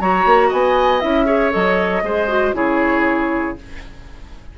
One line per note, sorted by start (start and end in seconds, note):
0.00 0.25 F#3
0.00 1.01 F#4
0.00 0.49 C#5
0.00 0.51 A#5
0.25 0.51 A#3
0.49 1.03 B3
0.49 1.25 D#5
0.49 1.00 G#5
1.00 1.54 C#4
1.00 1.26 E4
1.00 1.52 E5
1.26 1.51 G#4
1.26 2.03 C#5
1.51 2.03 F#3
1.51 2.02 A4
1.51 2.55 D#5
2.03 2.54 G#3
2.03 2.28 G#4
2.03 2.56 C5
2.28 2.54 F#4
2.54 3.57 C#3
2.54 3.56 E4
2.54 3.58 G#4
2.54 3.58 C#5